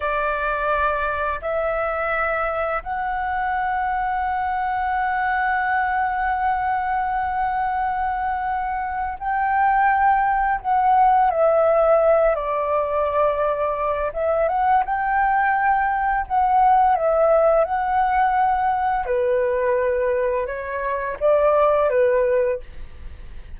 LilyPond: \new Staff \with { instrumentName = "flute" } { \time 4/4 \tempo 4 = 85 d''2 e''2 | fis''1~ | fis''1~ | fis''4 g''2 fis''4 |
e''4. d''2~ d''8 | e''8 fis''8 g''2 fis''4 | e''4 fis''2 b'4~ | b'4 cis''4 d''4 b'4 | }